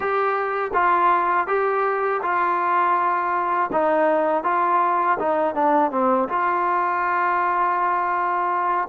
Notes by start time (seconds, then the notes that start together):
0.00 G4
0.73 F4
1.47 G4
2.22 F4
3.72 D#4
4.43 F4
5.19 D#4
5.55 D4
5.91 C4
6.29 F4